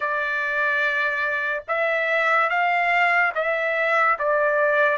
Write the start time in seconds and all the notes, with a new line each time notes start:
0.00 D5
1.68 E5
2.49 F5
3.34 E5
4.19 D5